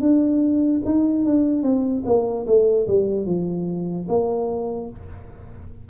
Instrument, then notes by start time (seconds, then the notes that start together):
tuba
0.00 D4
0.85 D#4
1.25 D4
1.63 C4
2.05 A#3
2.47 A3
2.87 G3
3.26 F3
4.08 A#3